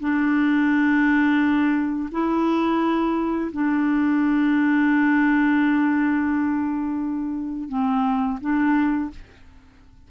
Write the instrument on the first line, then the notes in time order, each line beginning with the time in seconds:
clarinet
0.00 D4
2.12 E4
3.52 D4
7.69 C4
8.41 D4